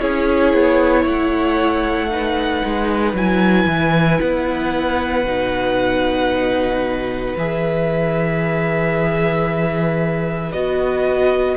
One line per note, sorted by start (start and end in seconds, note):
0.00 0.54 C#4
0.00 2.11 E4
0.00 1.02 G#4
0.00 1.05 C#5
0.54 1.05 B3
1.02 2.63 A3
1.02 2.07 C#5
1.02 3.16 F#5
2.11 3.16 D#4
2.11 11.57 B4
2.65 3.13 G#3
3.13 3.66 F#3
3.13 5.26 E4
3.13 4.21 G#5
3.66 4.19 E3
4.21 5.24 B3
4.21 7.37 F#5
5.24 7.35 B2
5.24 7.36 D#4
7.37 10.52 E3
7.37 10.54 G#4
7.37 10.52 E5
10.52 11.57 B3
10.52 11.57 F#4
10.52 11.57 D#5